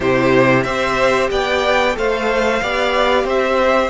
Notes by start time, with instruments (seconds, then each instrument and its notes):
0.00 cello C3, viola E4, violin G4 C5
0.63 cello C4, viola G4, violin C5 E5
1.30 cello B3, violin D5 G5
1.92 cello A3, viola A4, violin C5 F5
2.62 cello B3, viola G4, violin D5
3.24 cello C4, violin C5 E5